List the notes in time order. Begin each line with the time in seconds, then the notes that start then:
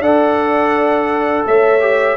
0.00 D4 A4 D5 F#5
1.46 A3 C#5 E5
1.80 G4